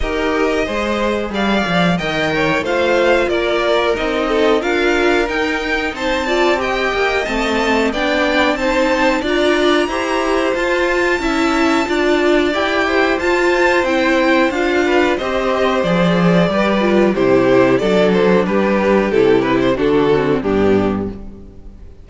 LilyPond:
<<
  \new Staff \with { instrumentName = "violin" } { \time 4/4 \tempo 4 = 91 dis''2 f''4 g''4 | f''4 d''4 dis''4 f''4 | g''4 a''4 g''4 a''4 | g''4 a''4 ais''2 |
a''2. g''4 | a''4 g''4 f''4 dis''4 | d''2 c''4 d''8 c''8 | b'4 a'8 b'16 c''16 a'4 g'4 | }
  \new Staff \with { instrumentName = "violin" } { \time 4/4 ais'4 c''4 d''4 dis''8 cis''8 | c''4 ais'4. a'8 ais'4~ | ais'4 c''8 d''8 dis''2 | d''4 c''4 d''4 c''4~ |
c''4 e''4 d''4. c''8~ | c''2~ c''8 b'8 c''4~ | c''4 b'4 g'4 a'4 | g'2 fis'4 d'4 | }
  \new Staff \with { instrumentName = "viola" } { \time 4/4 g'4 gis'2 ais'4 | f'2 dis'4 f'4 | dis'4. f'8 g'4 c'4 | d'4 dis'4 f'4 g'4 |
f'4 e'4 f'4 g'4 | f'4 e'4 f'4 g'4 | gis'4 g'8 f'8 e'4 d'4~ | d'4 e'4 d'8 c'8 b4 | }
  \new Staff \with { instrumentName = "cello" } { \time 4/4 dis'4 gis4 g8 f8 dis4 | a4 ais4 c'4 d'4 | dis'4 c'4. ais8 a4 | b4 c'4 d'4 e'4 |
f'4 cis'4 d'4 e'4 | f'4 c'4 d'4 c'4 | f4 g4 c4 fis4 | g4 c4 d4 g,4 | }
>>